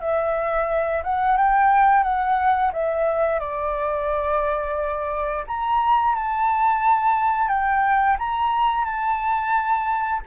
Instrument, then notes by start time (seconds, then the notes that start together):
flute
0.00 E5
1.04 F#5
1.37 G5
2.03 F#5
2.73 E5
3.39 D5
5.47 A#5
6.15 A5
7.48 G5
8.18 A#5
8.85 A5